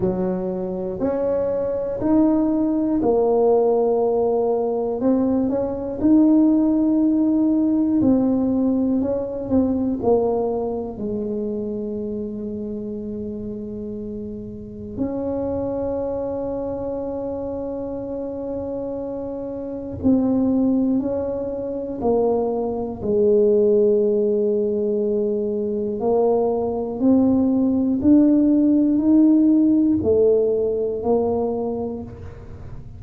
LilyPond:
\new Staff \with { instrumentName = "tuba" } { \time 4/4 \tempo 4 = 60 fis4 cis'4 dis'4 ais4~ | ais4 c'8 cis'8 dis'2 | c'4 cis'8 c'8 ais4 gis4~ | gis2. cis'4~ |
cis'1 | c'4 cis'4 ais4 gis4~ | gis2 ais4 c'4 | d'4 dis'4 a4 ais4 | }